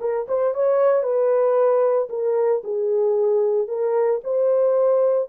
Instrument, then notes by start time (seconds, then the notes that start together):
horn
0.00 A#4
0.28 C5
0.54 C#5
1.03 B4
2.09 A#4
2.63 G#4
3.68 A#4
4.24 C5